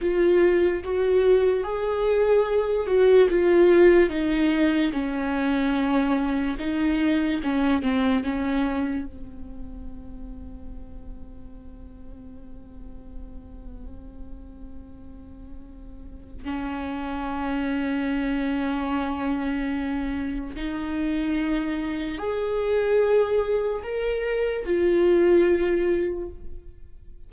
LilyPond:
\new Staff \with { instrumentName = "viola" } { \time 4/4 \tempo 4 = 73 f'4 fis'4 gis'4. fis'8 | f'4 dis'4 cis'2 | dis'4 cis'8 c'8 cis'4 c'4~ | c'1~ |
c'1 | cis'1~ | cis'4 dis'2 gis'4~ | gis'4 ais'4 f'2 | }